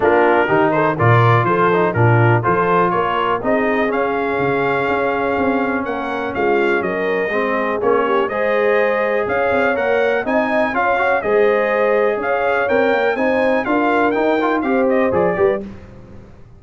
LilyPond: <<
  \new Staff \with { instrumentName = "trumpet" } { \time 4/4 \tempo 4 = 123 ais'4. c''8 d''4 c''4 | ais'4 c''4 cis''4 dis''4 | f''1 | fis''4 f''4 dis''2 |
cis''4 dis''2 f''4 | fis''4 gis''4 f''4 dis''4~ | dis''4 f''4 g''4 gis''4 | f''4 g''4 f''8 dis''8 d''4 | }
  \new Staff \with { instrumentName = "horn" } { \time 4/4 f'4 g'8 a'8 ais'4 a'4 | f'4 a'4 ais'4 gis'4~ | gis'1 | ais'4 f'4 ais'4 gis'4~ |
gis'8 g'8 c''2 cis''4~ | cis''4 dis''4 cis''4 c''4~ | c''4 cis''2 c''4 | ais'2 c''4. b'8 | }
  \new Staff \with { instrumentName = "trombone" } { \time 4/4 d'4 dis'4 f'4. dis'8 | d'4 f'2 dis'4 | cis'1~ | cis'2. c'4 |
cis'4 gis'2. | ais'4 dis'4 f'8 fis'8 gis'4~ | gis'2 ais'4 dis'4 | f'4 dis'8 f'8 g'4 gis'8 g'8 | }
  \new Staff \with { instrumentName = "tuba" } { \time 4/4 ais4 dis4 ais,4 f4 | ais,4 f4 ais4 c'4 | cis'4 cis4 cis'4 c'4 | ais4 gis4 fis4 gis4 |
ais4 gis2 cis'8 c'8 | ais4 c'4 cis'4 gis4~ | gis4 cis'4 c'8 ais8 c'4 | d'4 dis'4 c'4 f8 g8 | }
>>